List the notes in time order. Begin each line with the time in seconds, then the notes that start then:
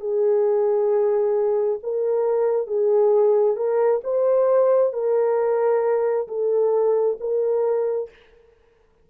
0.00 G#4
1.83 A#4
2.67 G#4
3.56 A#4
4.03 C5
4.93 A#4
6.28 A4
7.20 A#4